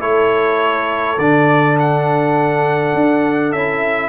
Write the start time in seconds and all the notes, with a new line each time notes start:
0.00 A3 E4 A4 C#5
1.18 D3 D4 D5
1.79 F#5
2.94 D4
3.52 C#4 E4 E5